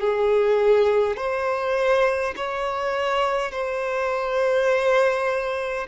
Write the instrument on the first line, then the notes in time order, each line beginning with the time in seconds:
violin
0.00 G#4
1.17 C5
2.36 C#5
3.51 C5